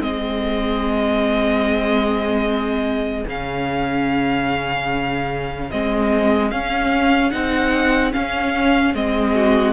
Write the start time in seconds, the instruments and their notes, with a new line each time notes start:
0.00 cello G#3, viola C4, violin G#4 D#5
3.27 cello C#3, viola C#4, violin F5
5.71 cello G#3, viola C4, violin D#5
6.51 cello C#4, viola C#4, violin F5
7.31 cello C4, viola D#4, violin F#5
8.12 viola C#4, cello C#4, violin F5
8.94 cello G#3, viola C4, violin D#5
9.34 violin F#4